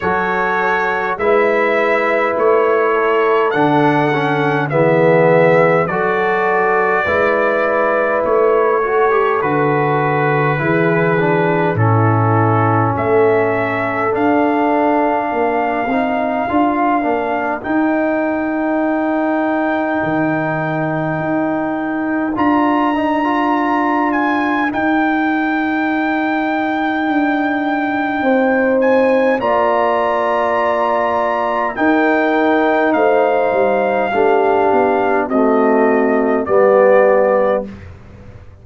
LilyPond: <<
  \new Staff \with { instrumentName = "trumpet" } { \time 4/4 \tempo 4 = 51 cis''4 e''4 cis''4 fis''4 | e''4 d''2 cis''4 | b'2 a'4 e''4 | f''2. g''4~ |
g''2. ais''4~ | ais''8 gis''8 g''2.~ | g''8 gis''8 ais''2 g''4 | f''2 dis''4 d''4 | }
  \new Staff \with { instrumentName = "horn" } { \time 4/4 a'4 b'4. a'4. | gis'4 a'4 b'4. a'8~ | a'4 gis'4 e'4 a'4~ | a'4 ais'2.~ |
ais'1~ | ais'1 | c''4 d''2 ais'4 | c''4 g'4 fis'4 g'4 | }
  \new Staff \with { instrumentName = "trombone" } { \time 4/4 fis'4 e'2 d'8 cis'8 | b4 fis'4 e'4. fis'16 g'16 | fis'4 e'8 d'8 cis'2 | d'4. dis'8 f'8 d'8 dis'4~ |
dis'2. f'8 dis'16 f'16~ | f'4 dis'2.~ | dis'4 f'2 dis'4~ | dis'4 d'4 a4 b4 | }
  \new Staff \with { instrumentName = "tuba" } { \time 4/4 fis4 gis4 a4 d4 | e4 fis4 gis4 a4 | d4 e4 a,4 a4 | d'4 ais8 c'8 d'8 ais8 dis'4~ |
dis'4 dis4 dis'4 d'4~ | d'4 dis'2 d'4 | c'4 ais2 dis'4 | a8 g8 a8 b8 c'4 g4 | }
>>